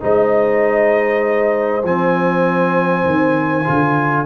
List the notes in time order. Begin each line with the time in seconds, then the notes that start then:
0.00 G#3 D#4 C5 D#5
1.83 F3 C4 G#5
3.05 D#3
3.64 D3 F4